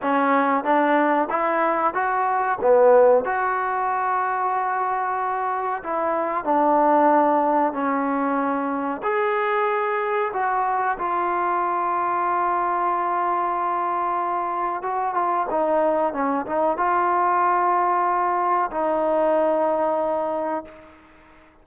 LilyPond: \new Staff \with { instrumentName = "trombone" } { \time 4/4 \tempo 4 = 93 cis'4 d'4 e'4 fis'4 | b4 fis'2.~ | fis'4 e'4 d'2 | cis'2 gis'2 |
fis'4 f'2.~ | f'2. fis'8 f'8 | dis'4 cis'8 dis'8 f'2~ | f'4 dis'2. | }